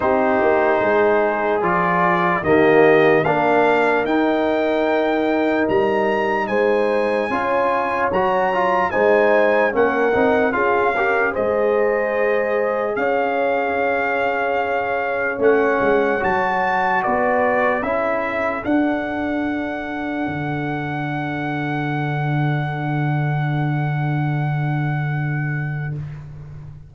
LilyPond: <<
  \new Staff \with { instrumentName = "trumpet" } { \time 4/4 \tempo 4 = 74 c''2 d''4 dis''4 | f''4 g''2 ais''4 | gis''2 ais''4 gis''4 | fis''4 f''4 dis''2 |
f''2. fis''4 | a''4 d''4 e''4 fis''4~ | fis''1~ | fis''1 | }
  \new Staff \with { instrumentName = "horn" } { \time 4/4 g'4 gis'2 g'4 | ais'1 | c''4 cis''2 c''4 | ais'4 gis'8 ais'8 c''2 |
cis''1~ | cis''4 b'4 a'2~ | a'1~ | a'1 | }
  \new Staff \with { instrumentName = "trombone" } { \time 4/4 dis'2 f'4 ais4 | d'4 dis'2.~ | dis'4 f'4 fis'8 f'8 dis'4 | cis'8 dis'8 f'8 g'8 gis'2~ |
gis'2. cis'4 | fis'2 e'4 d'4~ | d'1~ | d'1 | }
  \new Staff \with { instrumentName = "tuba" } { \time 4/4 c'8 ais8 gis4 f4 dis4 | ais4 dis'2 g4 | gis4 cis'4 fis4 gis4 | ais8 c'8 cis'4 gis2 |
cis'2. a8 gis8 | fis4 b4 cis'4 d'4~ | d'4 d2.~ | d1 | }
>>